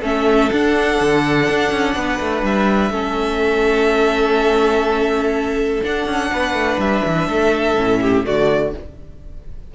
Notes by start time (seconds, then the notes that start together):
0.00 A3 C#4 A4 E5
0.52 D4 F#5
1.01 D3
1.49 D4
1.72 C#4
1.96 B3 B4
2.20 A3
2.43 G3 E5
2.91 A3 C#4 A4
5.83 D4 F#5
6.07 C#4
6.32 B3 B4
6.54 A3
6.79 G3 E5
7.06 E3
7.28 A3 A4
7.77 A2 C#4
8.02 G4
8.24 D3 A3 F#4 D5